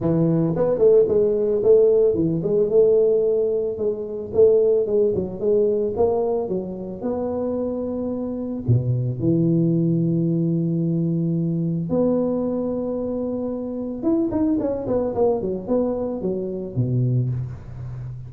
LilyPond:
\new Staff \with { instrumentName = "tuba" } { \time 4/4 \tempo 4 = 111 e4 b8 a8 gis4 a4 | e8 gis8 a2 gis4 | a4 gis8 fis8 gis4 ais4 | fis4 b2. |
b,4 e2.~ | e2 b2~ | b2 e'8 dis'8 cis'8 b8 | ais8 fis8 b4 fis4 b,4 | }